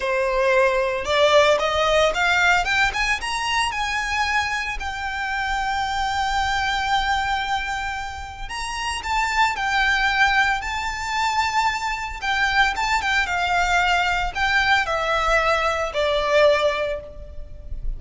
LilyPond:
\new Staff \with { instrumentName = "violin" } { \time 4/4 \tempo 4 = 113 c''2 d''4 dis''4 | f''4 g''8 gis''8 ais''4 gis''4~ | gis''4 g''2.~ | g''1 |
ais''4 a''4 g''2 | a''2. g''4 | a''8 g''8 f''2 g''4 | e''2 d''2 | }